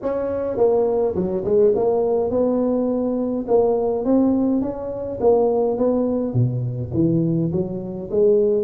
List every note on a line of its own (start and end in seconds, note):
0.02 0.57 C#4
0.57 1.14 A#3
1.15 1.44 F#3
1.44 1.73 G#3
1.75 2.30 A#3
2.30 3.45 B3
3.47 4.05 A#3
4.05 4.61 C4
4.61 5.19 C#4
5.20 5.77 A#3
5.77 6.33 B3
6.33 6.91 B2
6.93 7.51 E3
7.52 8.09 F#3
8.10 8.63 G#3